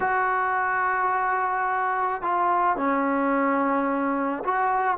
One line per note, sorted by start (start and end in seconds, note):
0.00 2.22 F#4
2.22 2.76 F4
2.76 4.43 C#4
4.44 4.97 F#4